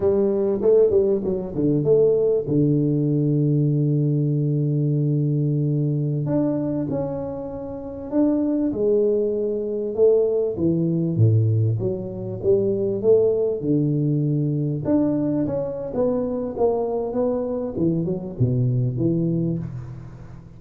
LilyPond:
\new Staff \with { instrumentName = "tuba" } { \time 4/4 \tempo 4 = 98 g4 a8 g8 fis8 d8 a4 | d1~ | d2~ d16 d'4 cis'8.~ | cis'4~ cis'16 d'4 gis4.~ gis16~ |
gis16 a4 e4 a,4 fis8.~ | fis16 g4 a4 d4.~ d16~ | d16 d'4 cis'8. b4 ais4 | b4 e8 fis8 b,4 e4 | }